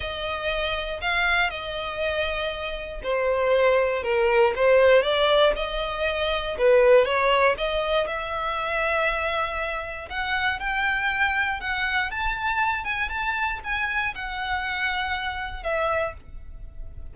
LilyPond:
\new Staff \with { instrumentName = "violin" } { \time 4/4 \tempo 4 = 119 dis''2 f''4 dis''4~ | dis''2 c''2 | ais'4 c''4 d''4 dis''4~ | dis''4 b'4 cis''4 dis''4 |
e''1 | fis''4 g''2 fis''4 | a''4. gis''8 a''4 gis''4 | fis''2. e''4 | }